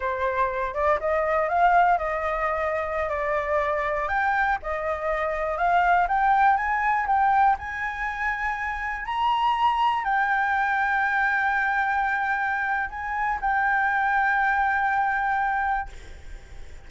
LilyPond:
\new Staff \with { instrumentName = "flute" } { \time 4/4 \tempo 4 = 121 c''4. d''8 dis''4 f''4 | dis''2~ dis''16 d''4.~ d''16~ | d''16 g''4 dis''2 f''8.~ | f''16 g''4 gis''4 g''4 gis''8.~ |
gis''2~ gis''16 ais''4.~ ais''16~ | ais''16 g''2.~ g''8.~ | g''2 gis''4 g''4~ | g''1 | }